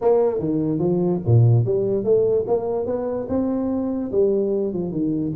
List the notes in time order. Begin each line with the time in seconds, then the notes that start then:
0.01 A#3
0.38 D#3
0.79 F3
1.25 A#2
1.65 G3
2.04 A3
2.47 A#3
2.86 B3
3.29 C4
4.11 G3
4.73 F3
4.91 D#3